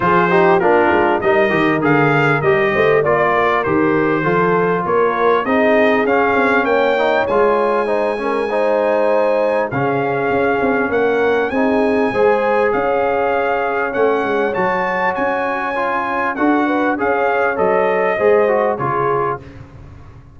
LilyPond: <<
  \new Staff \with { instrumentName = "trumpet" } { \time 4/4 \tempo 4 = 99 c''4 ais'4 dis''4 f''4 | dis''4 d''4 c''2 | cis''4 dis''4 f''4 g''4 | gis''1 |
f''2 fis''4 gis''4~ | gis''4 f''2 fis''4 | a''4 gis''2 fis''4 | f''4 dis''2 cis''4 | }
  \new Staff \with { instrumentName = "horn" } { \time 4/4 gis'8 g'8 f'4 ais'2~ | ais'8 c''8 d''8 ais'4. a'4 | ais'4 gis'2 cis''4~ | cis''4 c''8 ais'8 c''2 |
gis'2 ais'4 gis'4 | c''4 cis''2.~ | cis''2. a'8 b'8 | cis''2 c''4 gis'4 | }
  \new Staff \with { instrumentName = "trombone" } { \time 4/4 f'8 dis'8 d'4 dis'8 g'8 gis'4 | g'4 f'4 g'4 f'4~ | f'4 dis'4 cis'4. dis'8 | f'4 dis'8 cis'8 dis'2 |
cis'2. dis'4 | gis'2. cis'4 | fis'2 f'4 fis'4 | gis'4 a'4 gis'8 fis'8 f'4 | }
  \new Staff \with { instrumentName = "tuba" } { \time 4/4 f4 ais8 gis8 g8 dis8 d4 | g8 a8 ais4 dis4 f4 | ais4 c'4 cis'8 c'8 ais4 | gis1 |
cis4 cis'8 c'8 ais4 c'4 | gis4 cis'2 a8 gis8 | fis4 cis'2 d'4 | cis'4 fis4 gis4 cis4 | }
>>